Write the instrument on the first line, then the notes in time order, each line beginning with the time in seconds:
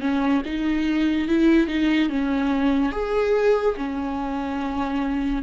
viola
0.00 C#4
0.45 D#4
1.28 E4
1.67 D#4
2.09 C#4
2.92 G#4
3.76 C#4